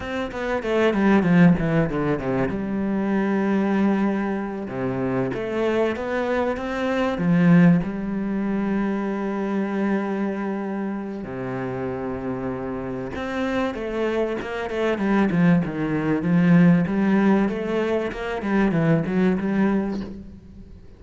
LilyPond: \new Staff \with { instrumentName = "cello" } { \time 4/4 \tempo 4 = 96 c'8 b8 a8 g8 f8 e8 d8 c8 | g2.~ g8 c8~ | c8 a4 b4 c'4 f8~ | f8 g2.~ g8~ |
g2 c2~ | c4 c'4 a4 ais8 a8 | g8 f8 dis4 f4 g4 | a4 ais8 g8 e8 fis8 g4 | }